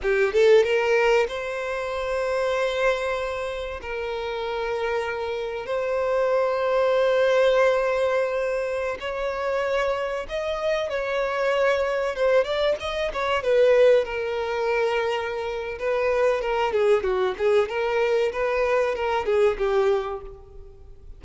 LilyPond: \new Staff \with { instrumentName = "violin" } { \time 4/4 \tempo 4 = 95 g'8 a'8 ais'4 c''2~ | c''2 ais'2~ | ais'4 c''2.~ | c''2~ c''16 cis''4.~ cis''16~ |
cis''16 dis''4 cis''2 c''8 d''16~ | d''16 dis''8 cis''8 b'4 ais'4.~ ais'16~ | ais'4 b'4 ais'8 gis'8 fis'8 gis'8 | ais'4 b'4 ais'8 gis'8 g'4 | }